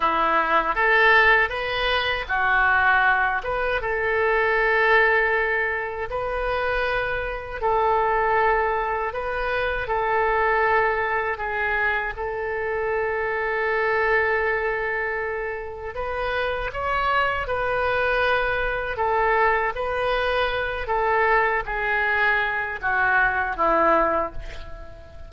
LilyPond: \new Staff \with { instrumentName = "oboe" } { \time 4/4 \tempo 4 = 79 e'4 a'4 b'4 fis'4~ | fis'8 b'8 a'2. | b'2 a'2 | b'4 a'2 gis'4 |
a'1~ | a'4 b'4 cis''4 b'4~ | b'4 a'4 b'4. a'8~ | a'8 gis'4. fis'4 e'4 | }